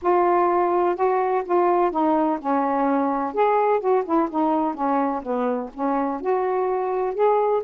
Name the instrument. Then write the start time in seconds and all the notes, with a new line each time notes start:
saxophone
0.02 F4
0.95 F#4
1.45 F4
1.91 D#4
2.40 C#4
3.34 G#4
3.80 F#4
4.05 E4
4.30 D#4
4.74 C#4
5.22 B3
5.74 C#4
6.21 F#4
7.14 G#4